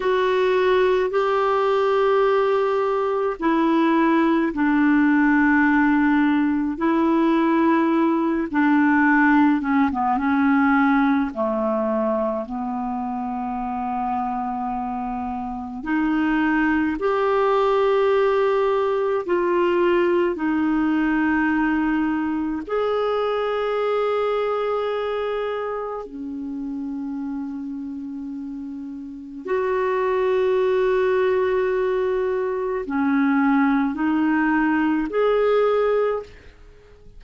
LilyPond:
\new Staff \with { instrumentName = "clarinet" } { \time 4/4 \tempo 4 = 53 fis'4 g'2 e'4 | d'2 e'4. d'8~ | d'8 cis'16 b16 cis'4 a4 b4~ | b2 dis'4 g'4~ |
g'4 f'4 dis'2 | gis'2. cis'4~ | cis'2 fis'2~ | fis'4 cis'4 dis'4 gis'4 | }